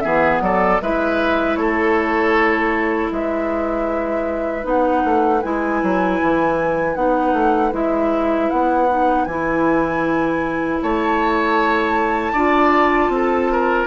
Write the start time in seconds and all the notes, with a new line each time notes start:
0.00 E3 B3 G#4 E5
0.41 F#3 A4 D5
0.81 G#3 E4 B4 E5
1.56 A3 A4 C#5
3.12 G#3 B4 E5
4.63 B3 D#4 F#5
5.04 A3
5.42 G#3 E4 G#5
5.83 F#3
6.22 E3
6.95 B3 D#4 F#5
7.33 A3
7.72 G#3 E4 E5
8.50 B3 F#5
8.89 D#4
9.25 E3 E4 G#5
10.82 A3 C#5 A5
12.33 D4 F4 D5
13.09 C4
13.15 A4
13.52 A#4